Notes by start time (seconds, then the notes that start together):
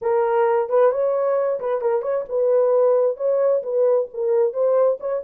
0.01 A#4
0.69 B4
0.91 C#5
1.60 B4
1.81 A#4
2.02 C#5
2.29 B4
3.17 C#5
3.62 B4
4.13 A#4
4.53 C5
4.99 C#5